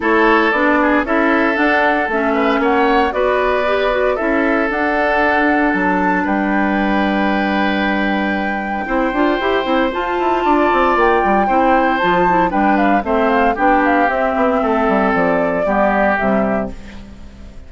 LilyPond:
<<
  \new Staff \with { instrumentName = "flute" } { \time 4/4 \tempo 4 = 115 cis''4 d''4 e''4 fis''4 | e''4 fis''4 d''2 | e''4 fis''2 a''4 | g''1~ |
g''2. a''4~ | a''4 g''2 a''4 | g''8 f''8 e''8 f''8 g''8 f''8 e''4~ | e''4 d''2 e''4 | }
  \new Staff \with { instrumentName = "oboe" } { \time 4/4 a'4. gis'8 a'2~ | a'8 b'8 cis''4 b'2 | a'1 | b'1~ |
b'4 c''2. | d''2 c''2 | b'4 c''4 g'2 | a'2 g'2 | }
  \new Staff \with { instrumentName = "clarinet" } { \time 4/4 e'4 d'4 e'4 d'4 | cis'2 fis'4 g'8 fis'8 | e'4 d'2.~ | d'1~ |
d'4 e'8 f'8 g'8 e'8 f'4~ | f'2 e'4 f'8 e'8 | d'4 c'4 d'4 c'4~ | c'2 b4 g4 | }
  \new Staff \with { instrumentName = "bassoon" } { \time 4/4 a4 b4 cis'4 d'4 | a4 ais4 b2 | cis'4 d'2 fis4 | g1~ |
g4 c'8 d'8 e'8 c'8 f'8 e'8 | d'8 c'8 ais8 g8 c'4 f4 | g4 a4 b4 c'8 b8 | a8 g8 f4 g4 c4 | }
>>